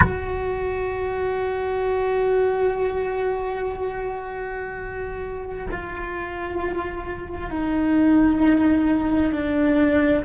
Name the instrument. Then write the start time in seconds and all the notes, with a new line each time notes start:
cello
0.00 F#4
5.70 F4
7.50 D#4
9.32 D4